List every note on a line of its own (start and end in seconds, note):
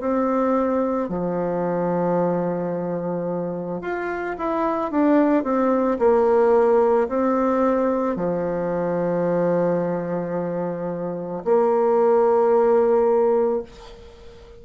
0.00 1.09 C4
1.09 3.81 F3
3.81 4.36 F4
4.38 4.91 E4
4.91 5.43 D4
5.43 5.98 C4
5.99 7.08 A#3
7.09 8.16 C4
8.16 11.43 F3
11.44 13.63 A#3